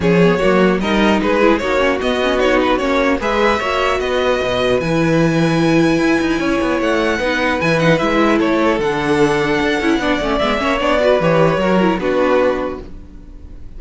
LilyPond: <<
  \new Staff \with { instrumentName = "violin" } { \time 4/4 \tempo 4 = 150 cis''2 dis''4 b'4 | cis''4 dis''4 cis''8 b'8 cis''4 | e''2 dis''2 | gis''1~ |
gis''4 fis''2 gis''8 fis''8 | e''4 cis''4 fis''2~ | fis''2 e''4 d''4 | cis''2 b'2 | }
  \new Staff \with { instrumentName = "violin" } { \time 4/4 gis'4 fis'4 ais'4 gis'4 | fis'1 | b'4 cis''4 b'2~ | b'1 |
cis''2 b'2~ | b'4 a'2.~ | a'4 d''4. cis''4 b'8~ | b'4 ais'4 fis'2 | }
  \new Staff \with { instrumentName = "viola" } { \time 4/4 cis'8 b8 ais4 dis'4. e'8 | dis'8 cis'8 b8 cis'8 dis'4 cis'4 | gis'4 fis'2. | e'1~ |
e'2 dis'4 e'8 dis'8 | e'2 d'2~ | d'8 e'8 d'8 cis'8 b8 cis'8 d'8 fis'8 | g'4 fis'8 e'8 d'2 | }
  \new Staff \with { instrumentName = "cello" } { \time 4/4 f4 fis4 g4 gis4 | ais4 b2 ais4 | gis4 ais4 b4 b,4 | e2. e'8 dis'8 |
cis'8 b8 a4 b4 e4 | gis4 a4 d2 | d'8 cis'8 b8 a8 gis8 ais8 b4 | e4 fis4 b2 | }
>>